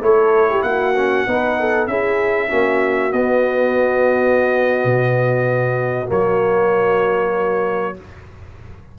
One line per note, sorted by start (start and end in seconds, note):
0.00 0.63 A3
0.00 0.94 E4
0.00 0.50 A4
0.00 0.62 C#5
0.50 0.65 G4
0.62 1.26 A#3
0.62 1.28 F#4
0.62 1.87 F#5
0.96 1.26 C#4
1.26 1.87 B3
1.26 1.89 D#4
1.26 1.60 B4
1.60 1.90 A4
1.87 2.50 C#4
1.87 2.48 E4
1.87 2.49 G#4
1.87 3.12 E5
2.48 3.12 A#3
2.48 3.11 C#4
2.48 7.96 F#4
3.12 4.84 B3
3.12 6.06 B3
3.12 6.09 D#5
4.84 6.09 B2
6.06 7.98 F#3
6.06 7.94 A#3
6.06 7.98 C#5